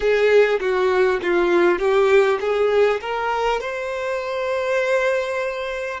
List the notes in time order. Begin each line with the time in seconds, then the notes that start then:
0.00 G#4
0.60 F#4
1.22 F4
1.78 G4
2.40 G#4
3.01 A#4
3.60 C5